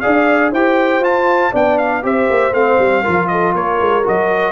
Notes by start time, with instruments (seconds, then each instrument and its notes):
0.00 tuba D4, trombone G#4, horn D5, trumpet F5
0.51 tuba E4, trombone G4, horn C5, trumpet G5
1.00 tuba F4, trombone F4, trumpet A5
1.50 tuba B3, trombone D4, horn D5, trumpet G5
1.78 trumpet F5
2.02 tuba C4, trombone G4, horn C5, trumpet E5
2.29 tuba A#3
2.52 tuba A3, trombone C4, trumpet F5
2.78 tuba G3
3.03 tuba F3, trombone F4, horn A#4
3.27 horn A4, trumpet D#5
3.53 tuba A#3, horn A#4, trumpet C#5
3.80 tuba G#3
4.03 tuba F#3, trombone F#4, trumpet D#5